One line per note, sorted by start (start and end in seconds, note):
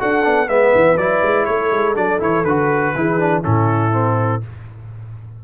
0.00 0.27 D4
0.00 0.23 F#4
0.00 0.49 A4
0.00 0.49 F#5
0.23 0.49 B3
0.23 0.48 D4
0.49 0.73 G#3
0.49 0.98 B3
0.49 1.49 B4
0.49 0.98 E5
0.75 0.98 E3
0.98 1.22 F#3
0.98 1.95 E4
0.98 1.45 D5
1.23 1.47 G#3
1.45 1.72 A3
1.45 2.97 A4
1.45 1.95 C#5
1.72 1.96 G#3
1.95 2.21 F#3
1.95 2.20 D4
1.95 2.21 D5
2.20 2.45 E3
2.20 2.44 E4
2.20 2.45 C#5
2.45 2.94 D3
2.45 2.96 F#4
2.45 3.43 B4
2.96 3.45 E3
2.96 3.19 E4
2.96 3.42 G#4
3.19 3.43 D4
3.42 4.44 A2
3.42 3.92 C#4
3.42 4.40 E4
3.42 4.43 A4
3.92 4.41 C4